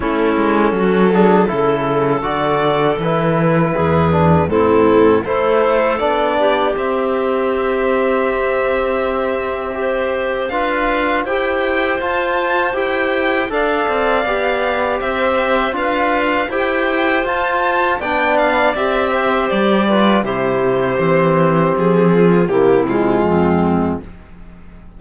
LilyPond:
<<
  \new Staff \with { instrumentName = "violin" } { \time 4/4 \tempo 4 = 80 a'2. d''4 | b'2 a'4 c''4 | d''4 e''2.~ | e''2 f''4 g''4 |
a''4 g''4 f''2 | e''4 f''4 g''4 a''4 | g''8 f''8 e''4 d''4 c''4~ | c''4 gis'4 g'8 f'4. | }
  \new Staff \with { instrumentName = "clarinet" } { \time 4/4 e'4 fis'8 gis'8 a'2~ | a'4 gis'4 e'4 a'4~ | a'8 g'2.~ g'8~ | g'4 c''4 b'4 c''4~ |
c''2 d''2 | c''4 b'4 c''2 | d''4. c''4 b'8 g'4~ | g'4. f'8 e'4 c'4 | }
  \new Staff \with { instrumentName = "trombone" } { \time 4/4 cis'4. d'8 e'4 fis'4 | e'4. d'8 c'4 e'4 | d'4 c'2.~ | c'4 g'4 f'4 g'4 |
f'4 g'4 a'4 g'4~ | g'4 f'4 g'4 f'4 | d'4 g'4. f'8 e'4 | c'2 ais8 gis4. | }
  \new Staff \with { instrumentName = "cello" } { \time 4/4 a8 gis8 fis4 cis4 d4 | e4 e,4 a,4 a4 | b4 c'2.~ | c'2 d'4 e'4 |
f'4 e'4 d'8 c'8 b4 | c'4 d'4 e'4 f'4 | b4 c'4 g4 c4 | e4 f4 c4 f,4 | }
>>